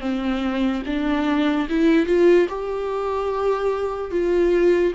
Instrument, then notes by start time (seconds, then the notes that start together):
viola
0.00 C4
0.86 D4
1.69 E4
2.06 F4
2.48 G4
4.11 F4